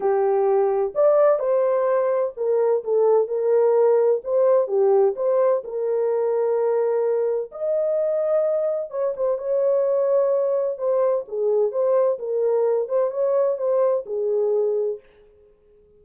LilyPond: \new Staff \with { instrumentName = "horn" } { \time 4/4 \tempo 4 = 128 g'2 d''4 c''4~ | c''4 ais'4 a'4 ais'4~ | ais'4 c''4 g'4 c''4 | ais'1 |
dis''2. cis''8 c''8 | cis''2. c''4 | gis'4 c''4 ais'4. c''8 | cis''4 c''4 gis'2 | }